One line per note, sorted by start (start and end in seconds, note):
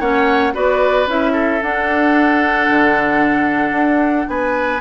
0.00 0.54 A#3
0.00 0.54 C#4
0.00 0.54 C#5
0.00 0.54 F#5
0.54 1.07 B3
0.54 1.07 F#4
0.54 1.33 B4
0.54 1.09 D5
1.07 1.61 C#4
1.07 1.62 E4
1.07 1.63 E5
1.33 4.27 A4
1.63 2.70 D4
1.63 4.81 D4
1.63 4.30 F#5
2.70 3.72 D3
3.72 4.26 D4
4.29 4.81 B3
4.29 4.81 B4
4.29 4.81 G#5